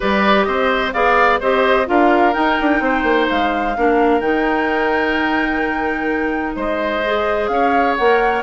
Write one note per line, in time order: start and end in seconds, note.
0.00 0.47 G3
0.00 0.90 G4
0.00 0.46 B4
0.00 0.44 D5
0.44 0.94 C4
0.44 0.93 C5
0.44 0.91 D#5
0.92 1.41 B3
0.92 1.40 G#4
0.92 1.39 D5
0.92 1.39 F5
1.39 1.88 C4
1.39 1.85 G4
1.39 1.86 C5
1.39 1.88 D#5
1.85 2.35 D4
1.85 2.32 F4
1.85 2.83 A#4
1.85 2.33 F5
2.33 3.73 D#4
2.33 2.59 D#4
2.33 3.27 G5
2.60 2.80 D4
2.80 3.03 C4
2.80 3.77 C5
3.03 3.26 A#3
3.28 3.76 G#3
3.28 4.20 F5
3.76 4.20 A#3
3.76 4.21 D4
3.76 6.56 A#4
4.20 6.54 D#3
4.20 7.02 D#4
4.20 6.55 G5
6.55 7.49 G#3
6.55 7.49 C5
6.55 7.47 D#5
7.05 7.99 G#4
7.47 7.95 C#4
7.47 8.43 C#5
7.47 7.94 F5
7.96 8.43 A#3
7.96 8.43 A#4
7.96 8.42 F#5